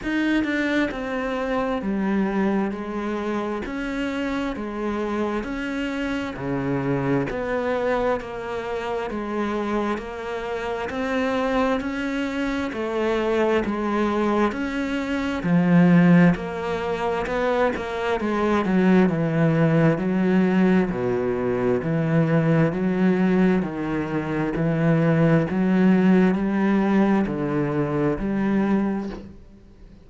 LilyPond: \new Staff \with { instrumentName = "cello" } { \time 4/4 \tempo 4 = 66 dis'8 d'8 c'4 g4 gis4 | cis'4 gis4 cis'4 cis4 | b4 ais4 gis4 ais4 | c'4 cis'4 a4 gis4 |
cis'4 f4 ais4 b8 ais8 | gis8 fis8 e4 fis4 b,4 | e4 fis4 dis4 e4 | fis4 g4 d4 g4 | }